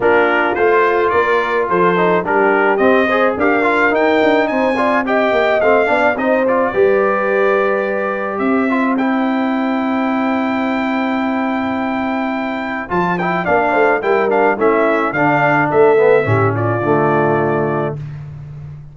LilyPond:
<<
  \new Staff \with { instrumentName = "trumpet" } { \time 4/4 \tempo 4 = 107 ais'4 c''4 d''4 c''4 | ais'4 dis''4 f''4 g''4 | gis''4 g''4 f''4 dis''8 d''8~ | d''2. e''4 |
g''1~ | g''2. a''8 g''8 | f''4 g''8 f''8 e''4 f''4 | e''4. d''2~ d''8 | }
  \new Staff \with { instrumentName = "horn" } { \time 4/4 f'2 ais'4 a'4 | g'4. c''8 ais'2 | c''8 d''8 dis''4. d''8 c''4 | b'2. c''4~ |
c''1~ | c''1 | d''8 c''8 ais'4 e'4 d'4 | a'4 g'8 f'2~ f'8 | }
  \new Staff \with { instrumentName = "trombone" } { \time 4/4 d'4 f'2~ f'8 dis'8 | d'4 c'8 gis'8 g'8 f'8 dis'4~ | dis'8 f'8 g'4 c'8 d'8 dis'8 f'8 | g'2.~ g'8 f'8 |
e'1~ | e'2. f'8 e'8 | d'4 e'8 d'8 cis'4 d'4~ | d'8 b8 cis'4 a2 | }
  \new Staff \with { instrumentName = "tuba" } { \time 4/4 ais4 a4 ais4 f4 | g4 c'4 d'4 dis'8 d'8 | c'4. ais8 a8 b8 c'4 | g2. c'4~ |
c'1~ | c'2. f4 | ais8 a8 g4 a4 d4 | a4 a,4 d2 | }
>>